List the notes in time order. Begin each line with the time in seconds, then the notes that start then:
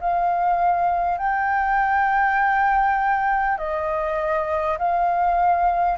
0.00 F5
1.18 G5
3.58 D#5
4.78 F5